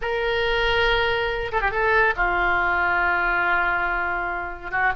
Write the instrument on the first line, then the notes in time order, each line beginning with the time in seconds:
oboe
0.01 A#4
1.52 A4
1.61 G4
1.71 A4
2.16 F4
4.71 F#4